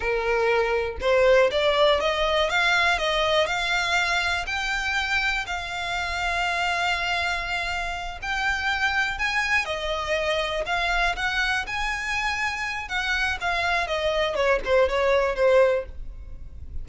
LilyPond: \new Staff \with { instrumentName = "violin" } { \time 4/4 \tempo 4 = 121 ais'2 c''4 d''4 | dis''4 f''4 dis''4 f''4~ | f''4 g''2 f''4~ | f''1~ |
f''8 g''2 gis''4 dis''8~ | dis''4. f''4 fis''4 gis''8~ | gis''2 fis''4 f''4 | dis''4 cis''8 c''8 cis''4 c''4 | }